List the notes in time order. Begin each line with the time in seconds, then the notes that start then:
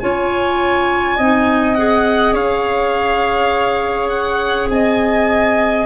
0.00 C#4 F4 C#5 G#5
1.17 C4 D#4 D#5
1.75 G#4 F#5
2.33 C#4 C#5 F5
4.09 F#5
4.69 C4 D#5 G#5